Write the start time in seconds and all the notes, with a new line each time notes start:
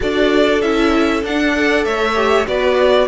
0.00 D4 F#4 A4 D5
0.61 C#4 E4 E5
1.23 D4 F#5
1.55 A4 D5
1.84 A3 C#5 E5
2.15 G4
2.47 B3 F#4 B4 D5